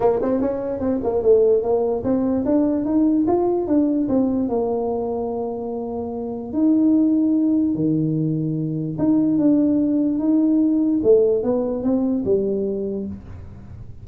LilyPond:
\new Staff \with { instrumentName = "tuba" } { \time 4/4 \tempo 4 = 147 ais8 c'8 cis'4 c'8 ais8 a4 | ais4 c'4 d'4 dis'4 | f'4 d'4 c'4 ais4~ | ais1 |
dis'2. dis4~ | dis2 dis'4 d'4~ | d'4 dis'2 a4 | b4 c'4 g2 | }